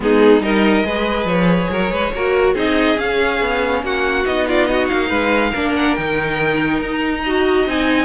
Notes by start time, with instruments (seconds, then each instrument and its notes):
0.00 cello G#3, viola B3, violin D#4 G#4
0.41 cello G3, viola D#4, violin A#4 D#5
0.83 cello G#3, viola G#4, violin B4
1.24 cello F3, violin C#5
1.69 cello F#3, violin A#4
1.91 cello G#3, violin B4
2.13 cello A#3, viola F#4, violin A#4
2.54 cello C4, viola D#4, violin G#4 D#5
2.96 viola C#4, cello C#4, violin F5
3.41 cello B3
3.82 cello A#3, violin F#4 F#5
4.26 cello B3, viola D#4, violin D#5
4.47 violin F4 D5
4.66 violin F#4 D#5
4.88 cello A#3, violin F5
5.08 cello G#3, violin B4
5.50 cello A#3, viola D4, violin A#4
5.76 violin F#5
5.95 cello D#3, viola D#4, violin G5
6.80 cello D#4, violin A#5
7.22 viola F#4, violin D#5
7.66 cello C4, viola D#4, violin G#5